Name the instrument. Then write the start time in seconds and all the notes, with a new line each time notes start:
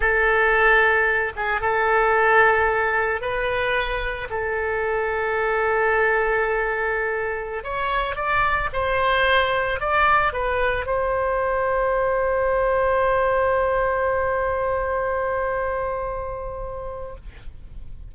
oboe
0.00 A4
1.36 G#4
1.60 A4
3.21 B4
4.30 A4
7.63 C#5
8.15 D5
8.72 C5
9.80 D5
10.32 B4
10.86 C5